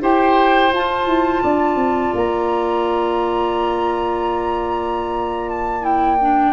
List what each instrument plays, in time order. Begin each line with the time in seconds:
0.00 tuba E4, clarinet G4, oboe C5, flute G5
0.72 tuba F4, clarinet F4, flute A5
1.06 tuba E4
1.43 tuba D4, oboe D5
1.75 tuba C4
2.14 tuba A#3, flute A#5
5.49 flute A5
5.81 clarinet E4, flute G5
6.20 clarinet D4